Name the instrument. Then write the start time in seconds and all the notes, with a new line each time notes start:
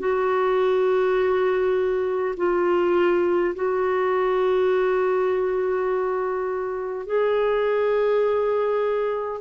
clarinet
0.00 F#4
2.37 F4
3.56 F#4
7.06 G#4